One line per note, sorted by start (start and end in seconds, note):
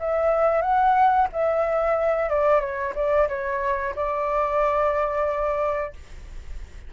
0.00 0.62 E5
0.62 1.28 F#5
1.32 2.30 E5
2.30 2.61 D5
2.61 2.94 C#5
2.96 3.28 D5
3.29 3.95 C#5
3.96 5.93 D5